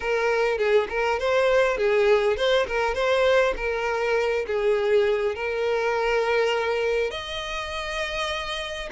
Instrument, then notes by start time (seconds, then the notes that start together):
violin
0.00 A#4
0.58 G#4
0.89 A#4
1.19 C5
1.77 G#4
2.36 C5
2.66 A#4
2.94 C5
3.56 A#4
4.46 G#4
5.35 A#4
7.10 D#5